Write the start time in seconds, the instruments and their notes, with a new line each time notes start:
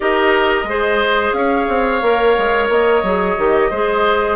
0.00 bassoon D#4, clarinet G4, oboe A#4, flute D#5
0.63 bassoon G#3, clarinet G#4, oboe C5
1.33 bassoon C#4, oboe C#5, flute F5
1.68 bassoon C4
2.02 bassoon A#3, clarinet A#4
2.38 bassoon G#3
2.69 bassoon A#3, flute D#5
3.03 bassoon F#3, clarinet G#4
3.37 bassoon D#3, clarinet G4
3.70 bassoon G#3, clarinet G#4, oboe C5